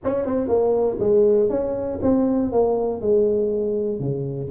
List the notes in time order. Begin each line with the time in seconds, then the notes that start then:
0.04 C#4
0.25 C4
0.48 A#3
0.99 G#3
1.49 C#4
2.01 C4
2.52 A#3
3.01 G#3
3.99 C#3